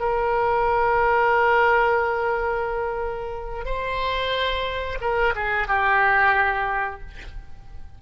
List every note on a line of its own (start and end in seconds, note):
0.00 3.65 A#4
3.65 4.99 C5
5.01 5.35 A#4
5.35 5.68 G#4
5.68 7.01 G4